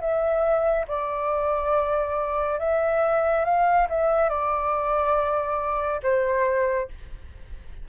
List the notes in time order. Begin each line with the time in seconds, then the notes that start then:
0.00 E5
0.87 D5
2.59 E5
3.44 F5
3.89 E5
4.29 D5
6.02 C5